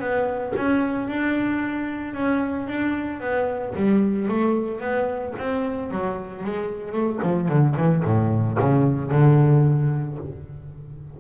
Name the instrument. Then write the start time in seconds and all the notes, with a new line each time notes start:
double bass
0.00 B3
0.56 C#4
1.08 D4
2.14 C#4
2.68 D4
3.20 B3
3.76 G3
4.29 A3
4.80 B3
5.39 C4
5.91 F#3
6.44 G#3
6.93 A3
7.23 F3
7.49 D3
7.77 E3
8.05 A2
8.59 C#3
9.11 D3